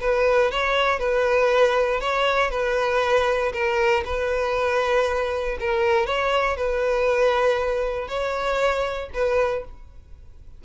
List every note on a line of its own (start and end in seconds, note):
0.00 0.51 B4
0.51 0.99 C#5
0.99 2.00 B4
2.00 2.50 C#5
2.50 3.52 B4
3.52 4.03 A#4
4.05 5.57 B4
5.60 6.06 A#4
6.06 6.57 C#5
6.57 8.08 B4
8.08 9.09 C#5
9.13 9.64 B4